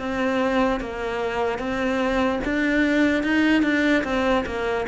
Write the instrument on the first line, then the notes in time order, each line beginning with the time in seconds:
cello
0.00 C4
0.80 A#3
1.59 C4
2.45 D4
3.24 D#4
3.63 D4
4.04 C4
4.46 A#3